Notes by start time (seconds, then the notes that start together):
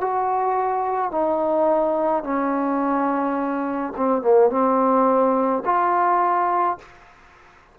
0.00 F#4
1.11 D#4
2.23 C#4
3.96 C4
4.21 A#3
4.50 C4
5.64 F4